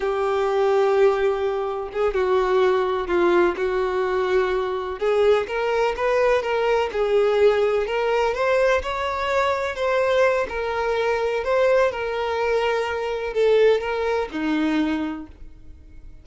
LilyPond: \new Staff \with { instrumentName = "violin" } { \time 4/4 \tempo 4 = 126 g'1 | gis'8 fis'2 f'4 fis'8~ | fis'2~ fis'8 gis'4 ais'8~ | ais'8 b'4 ais'4 gis'4.~ |
gis'8 ais'4 c''4 cis''4.~ | cis''8 c''4. ais'2 | c''4 ais'2. | a'4 ais'4 dis'2 | }